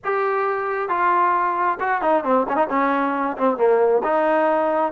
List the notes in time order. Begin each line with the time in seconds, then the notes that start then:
0.04 G4
0.88 F4
1.80 F#4
2.01 D#4
2.23 C4
2.48 C#4
2.55 D#4
2.69 C#4
3.37 C4
3.57 A#3
4.03 D#4